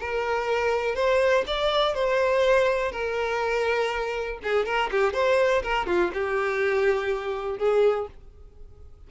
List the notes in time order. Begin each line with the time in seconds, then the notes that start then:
0.00 A#4
0.95 C5
1.47 D5
1.94 C5
2.92 A#4
4.43 G#4
4.65 A#4
4.91 G4
5.13 C5
5.63 A#4
5.86 F4
6.14 G4
7.58 G#4